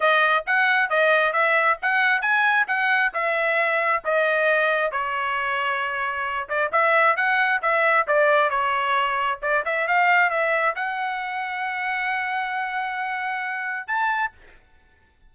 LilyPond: \new Staff \with { instrumentName = "trumpet" } { \time 4/4 \tempo 4 = 134 dis''4 fis''4 dis''4 e''4 | fis''4 gis''4 fis''4 e''4~ | e''4 dis''2 cis''4~ | cis''2~ cis''8 d''8 e''4 |
fis''4 e''4 d''4 cis''4~ | cis''4 d''8 e''8 f''4 e''4 | fis''1~ | fis''2. a''4 | }